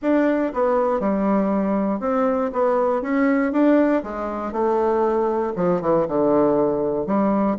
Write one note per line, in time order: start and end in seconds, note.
0.02 0.52 D4
0.53 1.00 B3
1.00 2.00 G3
2.00 2.50 C4
2.53 3.01 B3
3.01 3.52 C#4
3.52 4.02 D4
4.03 4.52 G#3
4.52 5.53 A3
5.56 5.81 F3
5.81 6.06 E3
6.08 7.06 D3
7.06 7.56 G3